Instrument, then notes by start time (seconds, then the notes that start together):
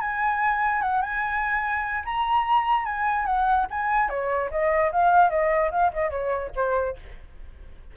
flute
0.00 G#5
0.81 F#5
1.02 G#5
2.04 A#5
2.85 G#5
3.25 F#5
3.70 G#5
4.09 C#5
4.51 D#5
4.92 F5
5.30 D#5
5.71 F5
5.93 D#5
6.10 C#5
6.55 C5